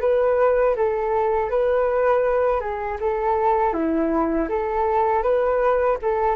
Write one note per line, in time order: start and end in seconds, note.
0.00 0.75 B4
0.76 1.50 A4
1.50 2.60 B4
2.60 2.98 G#4
3.00 3.73 A4
3.73 4.48 E4
4.49 5.22 A4
5.22 5.97 B4
6.02 6.35 A4